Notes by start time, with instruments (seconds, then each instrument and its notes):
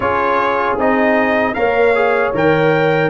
0.00 tuba C#4, trombone F4, horn G#4, trumpet C#5
0.77 tuba C4, trombone D#4, trumpet D#5
1.53 tuba A#3, trombone A#4, horn C#5, trumpet F5
1.94 trombone G#4
2.34 tuba D#3, trombone A#4, trumpet G5